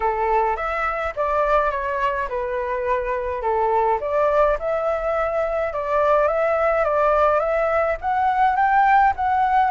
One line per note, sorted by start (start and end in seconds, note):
0.00 0.56 A4
0.56 1.13 E5
1.16 1.71 D5
1.71 2.28 C#5
2.29 3.42 B4
3.42 3.99 A4
4.00 4.57 D5
4.59 5.73 E5
5.73 6.27 D5
6.27 6.84 E5
6.84 7.39 D5
7.39 7.96 E5
8.01 8.56 F#5
8.56 9.13 G5
9.16 9.71 F#5